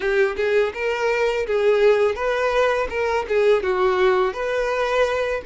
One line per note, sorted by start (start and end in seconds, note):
0.00 0.35 G4
0.36 0.72 G#4
0.74 1.46 A#4
1.46 2.15 G#4
2.15 2.87 B4
2.89 3.25 A#4
3.28 3.62 G#4
3.62 4.33 F#4
4.33 5.41 B4